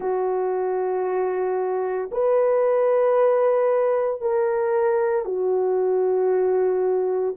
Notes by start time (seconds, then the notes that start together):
0.00 F#4
2.11 B4
4.21 A#4
5.25 F#4